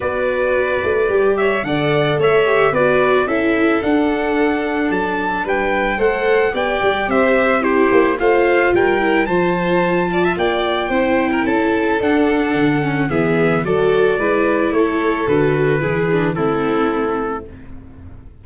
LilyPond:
<<
  \new Staff \with { instrumentName = "trumpet" } { \time 4/4 \tempo 4 = 110 d''2~ d''8 e''8 fis''4 | e''4 d''4 e''4 fis''4~ | fis''4 a''4 g''4 fis''4 | g''4 e''4 c''4 f''4 |
g''4 a''2 g''4~ | g''4 a''4 fis''2 | e''4 d''2 cis''4 | b'2 a'2 | }
  \new Staff \with { instrumentName = "violin" } { \time 4/4 b'2~ b'8 cis''8 d''4 | cis''4 b'4 a'2~ | a'2 b'4 c''4 | d''4 c''4 g'4 c''4 |
ais'4 c''4. d''16 e''16 d''4 | c''8. ais'16 a'2. | gis'4 a'4 b'4 a'4~ | a'4 gis'4 e'2 | }
  \new Staff \with { instrumentName = "viola" } { \time 4/4 fis'2 g'4 a'4~ | a'8 g'8 fis'4 e'4 d'4~ | d'2. a'4 | g'2 e'4 f'4~ |
f'8 e'8 f'2. | e'2 d'4. cis'8 | b4 fis'4 e'2 | fis'4 e'8 d'8 c'2 | }
  \new Staff \with { instrumentName = "tuba" } { \time 4/4 b4. a8 g4 d4 | a4 b4 cis'4 d'4~ | d'4 fis4 g4 a4 | b8 g8 c'4. ais8 a4 |
g4 f2 ais4 | c'4 cis'4 d'4 d4 | e4 fis4 gis4 a4 | d4 e4 a2 | }
>>